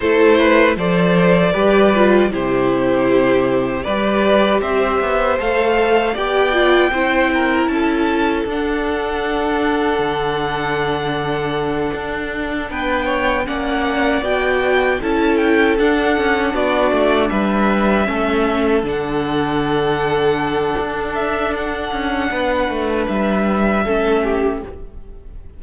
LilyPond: <<
  \new Staff \with { instrumentName = "violin" } { \time 4/4 \tempo 4 = 78 c''4 d''2 c''4~ | c''4 d''4 e''4 f''4 | g''2 a''4 fis''4~ | fis''1~ |
fis''8 g''4 fis''4 g''4 a''8 | g''8 fis''4 d''4 e''4.~ | e''8 fis''2. e''8 | fis''2 e''2 | }
  \new Staff \with { instrumentName = "violin" } { \time 4/4 a'8 b'8 c''4 b'4 g'4~ | g'4 b'4 c''2 | d''4 c''8 ais'8 a'2~ | a'1~ |
a'8 b'8 cis''8 d''2 a'8~ | a'4. fis'4 b'4 a'8~ | a'1~ | a'4 b'2 a'8 g'8 | }
  \new Staff \with { instrumentName = "viola" } { \time 4/4 e'4 a'4 g'8 f'8 e'4~ | e'4 g'2 a'4 | g'8 f'8 e'2 d'4~ | d'1~ |
d'4. cis'4 fis'4 e'8~ | e'8 d'2. cis'8~ | cis'8 d'2.~ d'8~ | d'2. cis'4 | }
  \new Staff \with { instrumentName = "cello" } { \time 4/4 a4 f4 g4 c4~ | c4 g4 c'8 b8 a4 | b4 c'4 cis'4 d'4~ | d'4 d2~ d8 d'8~ |
d'8 b4 ais4 b4 cis'8~ | cis'8 d'8 cis'8 b8 a8 g4 a8~ | a8 d2~ d8 d'4~ | d'8 cis'8 b8 a8 g4 a4 | }
>>